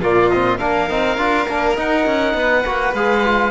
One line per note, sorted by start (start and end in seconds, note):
0.00 0.59 A#2
0.00 0.31 A#3
0.00 0.58 F4
0.00 0.30 D5
0.30 0.59 C4
0.30 0.58 D#5
0.58 0.90 A#3
0.58 0.88 D4
0.58 2.34 A#4
0.58 1.76 F5
0.88 1.18 C4
0.88 1.18 D#4
1.18 1.47 D4
1.18 1.48 F4
1.48 1.78 A#3
1.48 1.76 D4
1.76 2.64 D#4
1.76 2.06 D#4
1.76 2.95 F#5
2.06 2.34 C#4
2.34 2.63 B3
2.34 3.51 B4
2.65 2.93 A#3
2.65 2.95 F#4
2.93 3.51 G#3
2.93 3.25 G#4
2.93 3.51 F5
3.25 3.51 F4